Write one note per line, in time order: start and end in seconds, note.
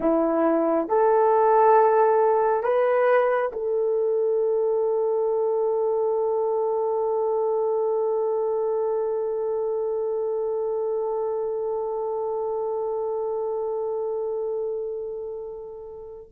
0.00 0.88 E4
0.88 2.63 A4
2.63 3.51 B4
3.52 16.31 A4